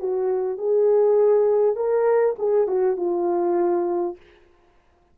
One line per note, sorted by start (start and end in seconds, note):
0.00 0.58 F#4
0.58 1.76 G#4
1.76 2.36 A#4
2.39 2.68 G#4
2.68 2.97 F#4
2.97 4.17 F4